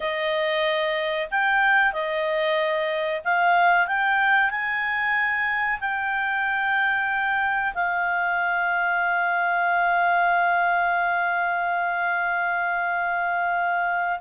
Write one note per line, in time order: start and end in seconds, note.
0.00 1.28 D#5
1.30 1.92 G5
1.92 3.21 D#5
3.24 3.87 F5
3.87 4.50 G5
4.50 5.79 G#5
5.80 7.74 G5
7.74 14.19 F5